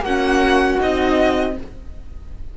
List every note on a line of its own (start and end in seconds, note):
0.00 0.75 A#3
0.00 1.53 F#4
0.00 0.80 F#5
0.07 0.79 C#4
0.79 1.58 C4
0.79 1.54 D#4
0.79 1.57 D#5